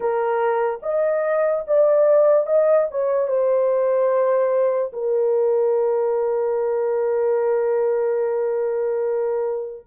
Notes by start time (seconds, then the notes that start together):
0.00 A#4
0.82 D#5
1.67 D5
2.46 D#5
2.91 C#5
3.27 C5
4.92 A#4